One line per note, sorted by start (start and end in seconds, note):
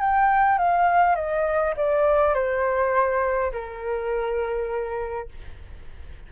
0.00 0.58 G5
0.58 1.16 F5
1.16 1.74 D#5
1.76 2.34 D5
2.34 3.52 C5
3.52 5.29 A#4